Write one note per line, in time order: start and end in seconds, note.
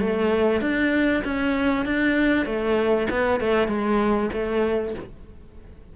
0.00 0.61 A3
0.61 1.23 D4
1.24 1.86 C#4
1.86 2.46 D4
2.46 3.08 A3
3.10 3.40 B3
3.40 3.68 A3
3.68 4.30 G#3
4.33 4.95 A3